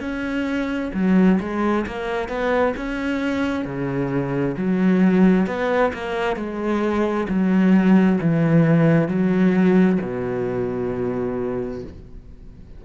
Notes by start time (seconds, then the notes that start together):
0.00 C#4
0.93 F#3
1.40 G#3
1.87 A#3
2.28 B3
2.76 C#4
3.65 C#3
4.57 F#3
5.47 B3
5.93 A#3
6.36 G#3
7.29 F#3
8.21 E3
9.08 F#3
10.01 B2